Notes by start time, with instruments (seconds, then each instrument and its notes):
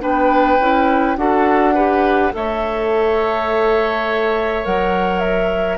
0.00 bassoon B3, clarinet D4, oboe B4, flute G5
0.59 bassoon C#4, clarinet E4
1.17 bassoon D4, clarinet F#4, oboe A4, flute F#5
1.74 clarinet G4, oboe B4
2.32 bassoon A3, clarinet A4, oboe C#5, flute E5
4.63 bassoon F#3, clarinet A#4, flute F#5
5.19 flute E5